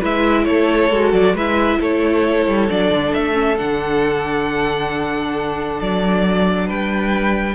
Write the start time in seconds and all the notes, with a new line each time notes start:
0.00 G#3 E4 B4 E5
0.45 A3 A4 C#5
0.91 G#3 F#4
1.13 F#3 D5
1.34 G#3 E4 B4 E5
1.81 A3 A4 C#5
2.47 G3
2.71 F#3 D4 D5
2.91 D3
3.14 A3 E5
3.34 C#4
3.58 D3 D4 F#5
5.81 F#3 D5
6.67 G3 B4 G5